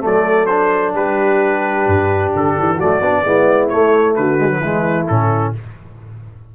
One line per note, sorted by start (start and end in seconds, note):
0.00 0.96 F#3
0.00 0.46 A3
0.00 0.95 A4
0.00 0.46 D5
0.46 2.78 D4
0.46 0.92 C5
0.95 1.87 G3
0.95 2.77 G4
0.95 2.33 B4
1.87 2.33 G2
2.35 2.58 D3
2.35 2.80 A4
2.59 2.82 E3
2.77 3.02 A3
2.77 3.22 F#4
2.77 3.68 D5
2.83 3.00 F#3
3.00 3.23 B3
3.00 3.25 D4
3.24 3.70 G#3
3.24 3.71 B3
3.24 4.17 E4
3.68 4.38 A3
3.68 4.17 A3
3.68 4.14 C#5
4.15 4.61 D3
4.15 4.60 F#4
4.15 5.07 B4
4.38 4.49 G#3
4.49 4.61 F#3
4.60 5.06 E3
4.60 5.09 G#3
4.60 5.52 E4
5.08 5.55 A2
5.08 5.55 C#4
5.08 5.53 A4